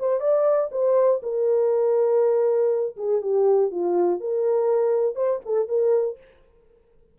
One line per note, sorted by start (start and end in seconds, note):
0.00 0.21 C5
0.21 0.70 D5
0.72 1.22 C5
1.23 2.97 A#4
2.97 3.22 G#4
3.22 3.72 G4
3.72 4.21 F4
4.21 5.16 A#4
5.16 5.41 C5
5.46 5.69 A4
5.69 6.18 A#4